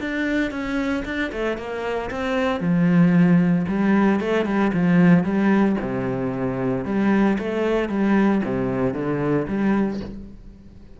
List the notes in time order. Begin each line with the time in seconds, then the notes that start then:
0.00 D4
0.50 C#4
1.05 D4
1.32 A3
1.57 A#3
2.10 C4
2.60 F3
3.67 G3
4.20 A3
4.45 G3
4.73 F3
5.23 G3
5.81 C3
6.85 G3
7.38 A3
7.89 G3
8.44 C3
8.94 D3
9.47 G3